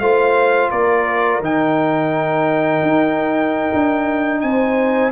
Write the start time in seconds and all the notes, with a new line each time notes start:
0.00 A3 F4 C5 F5
0.71 A#3 A#4 D5
1.41 D#3 D#4 G5
2.83 D#4
3.74 D4
4.41 C4 G#5
4.47 C5